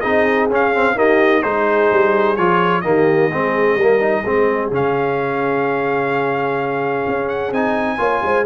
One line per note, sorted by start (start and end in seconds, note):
0.00 0.50 C4
0.00 0.50 D#4
0.00 0.94 G#4
0.00 0.47 D#5
0.50 0.96 C#4
0.50 0.75 C#4
0.50 0.98 F5
0.75 0.96 C4
0.96 1.42 A#3
0.96 1.42 D#4
0.96 1.42 G4
0.96 1.43 D#5
1.42 1.91 G#3
1.42 2.37 D#4
1.42 2.82 G#4
1.42 2.36 C5
1.92 2.37 G3
2.36 2.84 F3
2.36 2.84 F4
2.36 2.81 C#5
2.81 3.31 D#3
2.81 3.31 A#3
2.81 3.31 G4
2.81 4.69 D#5
3.31 3.75 G#3
3.31 3.80 C4
3.31 3.77 G#4
3.75 4.22 G3
3.75 4.21 A#4
3.82 4.00 A#3
4.00 4.24 D#4
4.21 4.71 G#3
4.21 4.72 C4
4.21 7.96 G#4
4.71 7.05 C#3
4.71 7.53 C#4
4.71 7.29 F5
7.07 7.51 C#4
7.29 7.52 F#5
7.51 7.98 C4
7.51 7.98 D#4
7.51 8.46 G#5
7.98 8.22 A#3
7.98 8.45 F4
7.98 8.23 C#5
8.23 8.46 G#3
8.23 8.46 C5